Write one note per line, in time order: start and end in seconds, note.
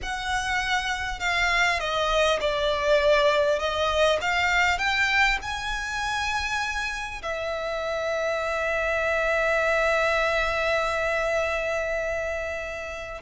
0.02 1.19 F#5
1.19 1.79 F5
1.79 2.39 D#5
2.40 3.59 D5
3.59 4.19 D#5
4.21 4.78 F5
4.78 5.38 G5
5.41 7.21 G#5
7.22 13.21 E5